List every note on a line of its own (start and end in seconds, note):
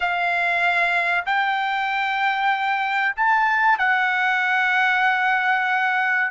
0.00 1.25 F5
1.25 3.15 G5
3.16 3.78 A5
3.78 6.30 F#5